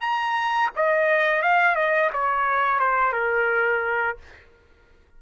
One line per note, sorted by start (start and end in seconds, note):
0.00 0.70 A#5
0.75 1.42 D#5
1.42 1.75 F5
1.75 2.10 D#5
2.12 2.79 C#5
2.79 3.12 C5
3.12 4.17 A#4